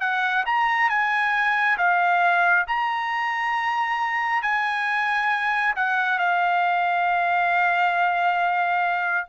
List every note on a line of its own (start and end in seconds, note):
0.00 0.44 F#5
0.46 0.89 A#5
0.89 1.77 G#5
1.77 2.66 F5
2.67 4.42 A#5
4.42 5.74 G#5
5.76 6.18 F#5
6.18 9.27 F5